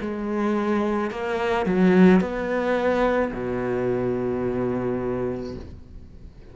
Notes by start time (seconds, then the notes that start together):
0.00 G#3
1.10 A#3
1.65 F#3
2.20 B3
3.33 B2